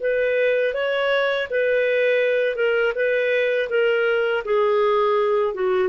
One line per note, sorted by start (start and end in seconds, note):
0.00 0.74 B4
0.74 1.48 C#5
1.51 2.56 B4
2.56 2.93 A#4
2.95 3.69 B4
3.70 4.44 A#4
4.45 5.55 G#4
5.55 5.89 F#4